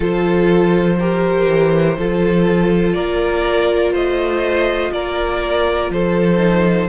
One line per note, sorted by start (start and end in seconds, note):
0.00 1.45 F3
0.00 0.97 F4
0.00 0.96 A4
0.00 2.93 C5
0.99 1.98 G4
0.99 1.97 A#4
1.48 1.97 E3
1.98 2.95 F3
1.98 6.37 F4
1.98 2.95 A4
2.93 3.93 A#3
2.93 3.92 A#4
2.93 3.91 D5
3.92 4.91 A3
3.92 4.91 C5
3.92 4.92 D#5
4.92 5.90 A#3
4.92 5.92 A#4
4.92 5.91 D5
5.90 6.88 F3
5.90 6.89 A4
5.90 6.89 C5
6.37 6.86 D#4